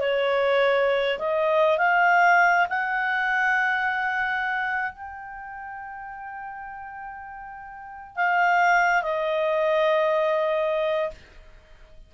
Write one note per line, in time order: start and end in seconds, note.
0.00 1.19 C#5
1.19 1.78 D#5
1.78 2.68 F5
2.70 4.92 F#5
4.92 8.17 G5
8.17 9.03 F5
9.03 11.11 D#5